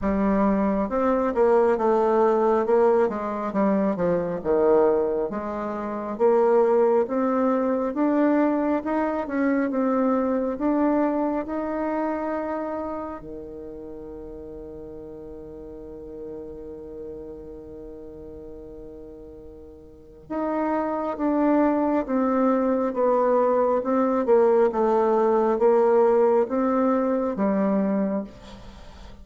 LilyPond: \new Staff \with { instrumentName = "bassoon" } { \time 4/4 \tempo 4 = 68 g4 c'8 ais8 a4 ais8 gis8 | g8 f8 dis4 gis4 ais4 | c'4 d'4 dis'8 cis'8 c'4 | d'4 dis'2 dis4~ |
dis1~ | dis2. dis'4 | d'4 c'4 b4 c'8 ais8 | a4 ais4 c'4 g4 | }